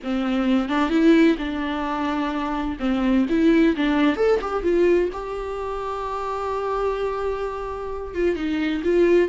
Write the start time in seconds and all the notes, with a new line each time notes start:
0.03 C4
0.68 D4
0.89 E4
1.37 D4
2.79 C4
3.29 E4
3.76 D4
4.16 A4
4.41 G4
4.63 F4
5.12 G4
8.14 F4
8.36 D#4
8.84 F4